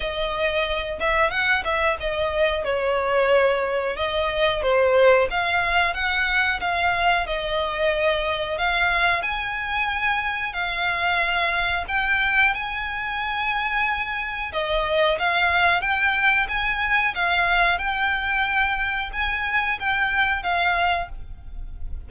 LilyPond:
\new Staff \with { instrumentName = "violin" } { \time 4/4 \tempo 4 = 91 dis''4. e''8 fis''8 e''8 dis''4 | cis''2 dis''4 c''4 | f''4 fis''4 f''4 dis''4~ | dis''4 f''4 gis''2 |
f''2 g''4 gis''4~ | gis''2 dis''4 f''4 | g''4 gis''4 f''4 g''4~ | g''4 gis''4 g''4 f''4 | }